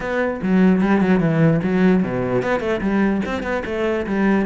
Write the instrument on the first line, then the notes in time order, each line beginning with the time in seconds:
cello
0.00 B3
0.42 F#3
0.81 G3
1.00 F#3
1.20 E3
1.63 F#3
2.03 B2
2.42 B3
2.60 A3
2.81 G3
3.25 C4
3.42 B3
3.65 A3
4.06 G3